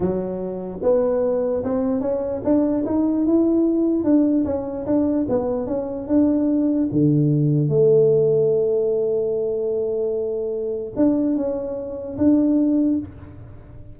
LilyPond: \new Staff \with { instrumentName = "tuba" } { \time 4/4 \tempo 4 = 148 fis2 b2 | c'4 cis'4 d'4 dis'4 | e'2 d'4 cis'4 | d'4 b4 cis'4 d'4~ |
d'4 d2 a4~ | a1~ | a2. d'4 | cis'2 d'2 | }